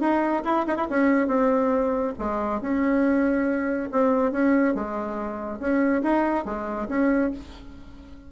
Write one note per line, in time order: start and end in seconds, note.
0.00 0.43 D#4
0.44 0.66 E4
0.67 0.76 D#4
0.76 0.87 E4
0.90 1.27 C#4
1.27 2.13 C4
2.18 2.61 G#3
2.61 3.89 C#4
3.92 4.31 C4
4.31 4.74 C#4
4.74 5.59 G#3
5.59 6.02 C#4
6.02 6.45 D#4
6.45 6.88 G#3
6.88 7.31 C#4